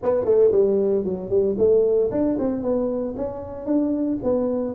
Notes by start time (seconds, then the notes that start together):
0.03 B3
0.25 A3
0.51 G3
1.04 F#3
1.29 G3
1.58 A3
2.11 D4
2.38 C4
2.62 B3
3.16 C#4
3.66 D4
4.23 B3